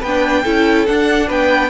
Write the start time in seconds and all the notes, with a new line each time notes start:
0.00 B3 B4 G5
0.07 D4
0.43 C#4 E4 A4
0.86 D4 F#5
1.27 B3 B4 G5